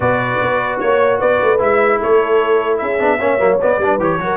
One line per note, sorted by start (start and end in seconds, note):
0.00 0.39 B2
0.00 1.58 F#4
0.00 0.77 B4
0.00 0.79 D5
0.41 0.81 B3
0.79 1.21 A#3
0.79 1.19 C#5
0.79 1.18 C#5
1.18 1.41 B3
1.18 1.98 B4
1.18 1.60 D5
1.41 1.60 A3
1.58 2.00 G#3
1.58 2.98 E4
1.58 2.02 E5
1.99 2.82 A3
1.99 2.79 A4
1.99 2.77 C#5
2.77 2.99 C#4
2.77 3.18 G#4
2.77 3.57 E5
2.98 3.19 B3
2.98 3.18 D4
3.18 3.39 A#3
3.18 3.38 C#4
3.18 3.78 C#5
3.38 3.60 F#3
3.38 3.58 A#3
3.60 3.81 B3
3.60 3.78 B3
3.60 4.00 D5
3.78 3.98 G3
3.78 3.99 D4
3.78 4.19 B4
3.98 4.18 E3
3.98 4.19 G4
3.98 4.37 C#5
4.18 4.37 F#3
4.18 4.37 F#4
4.18 4.37 A#4